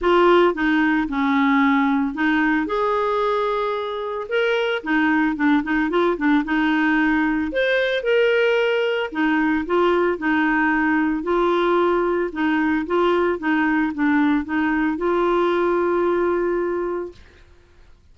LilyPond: \new Staff \with { instrumentName = "clarinet" } { \time 4/4 \tempo 4 = 112 f'4 dis'4 cis'2 | dis'4 gis'2. | ais'4 dis'4 d'8 dis'8 f'8 d'8 | dis'2 c''4 ais'4~ |
ais'4 dis'4 f'4 dis'4~ | dis'4 f'2 dis'4 | f'4 dis'4 d'4 dis'4 | f'1 | }